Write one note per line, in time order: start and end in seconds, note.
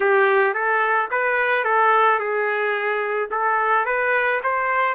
0.00 0.54 G4
0.54 1.09 A4
1.10 1.64 B4
1.64 2.19 A4
2.19 3.29 G#4
3.31 3.85 A4
3.85 4.40 B4
4.43 4.94 C5